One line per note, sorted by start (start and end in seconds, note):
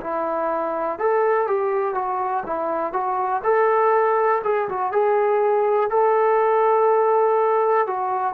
0.00 0.98 E4
0.98 1.47 A4
1.47 1.94 G4
1.94 2.43 F#4
2.46 2.92 E4
2.92 3.42 F#4
3.43 4.42 A4
4.44 4.68 G#4
4.69 4.92 F#4
4.92 5.90 G#4
5.90 7.86 A4
7.86 8.33 F#4